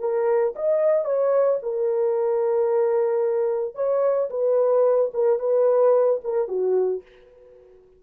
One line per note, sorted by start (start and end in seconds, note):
0.00 0.54 A#4
0.56 1.05 D#5
1.05 1.59 C#5
1.63 3.75 A#4
3.75 4.29 C#5
4.30 5.11 B4
5.14 5.40 A#4
5.40 6.21 B4
6.24 6.48 A#4
6.48 7.02 F#4